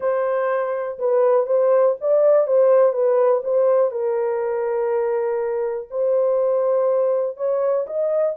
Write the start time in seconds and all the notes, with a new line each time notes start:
0.00 C5
0.98 B4
1.46 C5
2.00 D5
2.47 C5
2.92 B4
3.44 C5
3.91 A#4
5.90 C5
7.36 C#5
7.86 D#5